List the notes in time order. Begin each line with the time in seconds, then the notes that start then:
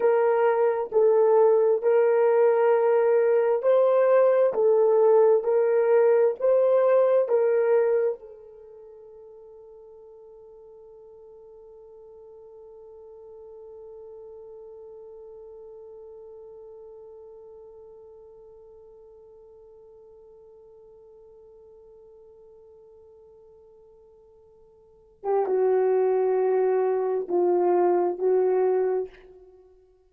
0.00 A#4
0.91 A4
1.82 A#4
3.62 C5
4.53 A4
5.43 A#4
6.39 C5
7.28 A#4
8.19 A4
25.23 G4
25.45 F#4
27.28 F4
28.18 F#4